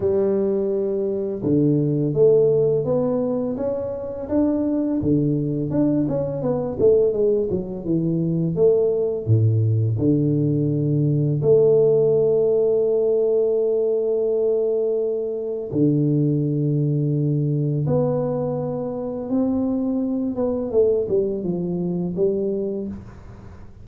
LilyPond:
\new Staff \with { instrumentName = "tuba" } { \time 4/4 \tempo 4 = 84 g2 d4 a4 | b4 cis'4 d'4 d4 | d'8 cis'8 b8 a8 gis8 fis8 e4 | a4 a,4 d2 |
a1~ | a2 d2~ | d4 b2 c'4~ | c'8 b8 a8 g8 f4 g4 | }